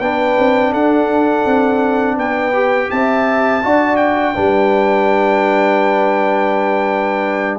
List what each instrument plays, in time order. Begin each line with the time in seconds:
0.00 tuba B3, trombone D4, horn B4, trumpet G5
0.38 tuba C4
0.71 tuba D4, horn A4, trumpet F#5
1.45 tuba C4
2.16 tuba B3, horn B4, trumpet G5
2.53 trombone G4
2.91 tuba C4, horn E5, trumpet A5
3.63 tuba D4, trombone F#4, horn D5
3.96 trumpet G5
4.34 tuba G3, trombone D4, horn B4